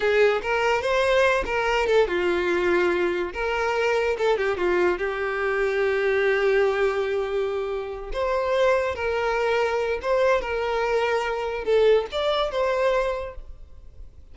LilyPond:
\new Staff \with { instrumentName = "violin" } { \time 4/4 \tempo 4 = 144 gis'4 ais'4 c''4. ais'8~ | ais'8 a'8 f'2. | ais'2 a'8 g'8 f'4 | g'1~ |
g'2.~ g'8 c''8~ | c''4. ais'2~ ais'8 | c''4 ais'2. | a'4 d''4 c''2 | }